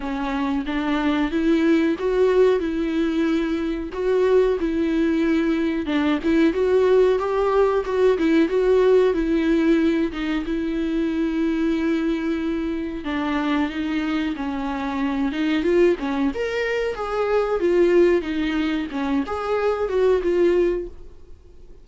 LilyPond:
\new Staff \with { instrumentName = "viola" } { \time 4/4 \tempo 4 = 92 cis'4 d'4 e'4 fis'4 | e'2 fis'4 e'4~ | e'4 d'8 e'8 fis'4 g'4 | fis'8 e'8 fis'4 e'4. dis'8 |
e'1 | d'4 dis'4 cis'4. dis'8 | f'8 cis'8 ais'4 gis'4 f'4 | dis'4 cis'8 gis'4 fis'8 f'4 | }